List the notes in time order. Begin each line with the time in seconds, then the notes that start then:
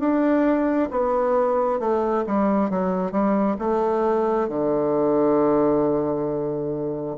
0.00 D4
0.91 B3
1.80 A3
2.27 G3
2.70 F#3
3.12 G3
3.59 A3
4.49 D3